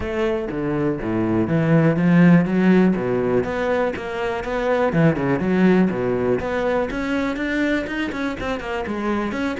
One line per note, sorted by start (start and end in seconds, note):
0.00 0.48 A3
0.50 0.99 D3
1.01 1.47 A2
1.47 1.96 E3
1.96 2.45 F3
2.45 2.94 F#3
2.96 3.44 B2
3.44 3.93 B3
3.96 4.44 A#3
4.44 4.92 B3
4.92 5.15 E3
5.15 5.39 C#3
5.39 5.88 F#3
5.90 6.39 B2
6.40 6.89 B3
6.90 7.36 C#4
7.36 7.85 D4
7.86 8.11 D#4
8.11 8.36 C#4
8.40 8.60 C4
8.60 8.84 A#3
8.87 9.32 G#3
9.32 9.56 C#4